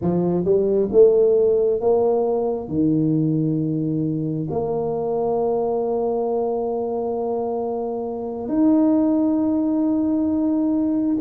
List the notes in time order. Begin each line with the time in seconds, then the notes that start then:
0.01 F3
0.44 G3
0.92 A3
1.80 A#3
2.68 D#3
4.50 A#3
8.48 D#4